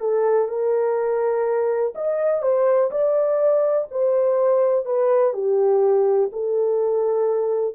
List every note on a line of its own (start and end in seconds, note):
0.00 0.48 A4
0.48 1.93 A#4
1.95 2.42 D#5
2.42 2.91 C5
2.91 3.88 D5
3.91 4.85 C5
4.85 5.33 B4
5.33 6.30 G4
6.32 7.75 A4